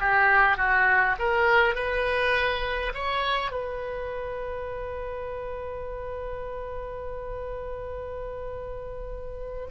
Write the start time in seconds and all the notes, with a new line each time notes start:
0.00 G4
0.57 F#4
1.20 A#4
1.75 B4
2.94 C#5
3.52 B4